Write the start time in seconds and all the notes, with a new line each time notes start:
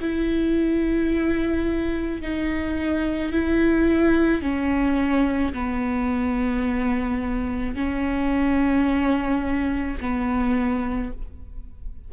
0.00 E4
2.22 D#4
3.32 E4
4.42 C#4
5.54 B3
7.75 C#4
10.01 B3